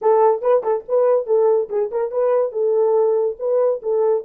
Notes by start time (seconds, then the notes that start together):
0.01 A4
0.41 B4
0.63 A4
0.88 B4
1.26 A4
1.69 G#4
1.91 A#4
2.11 B4
2.52 A4
3.39 B4
3.82 A4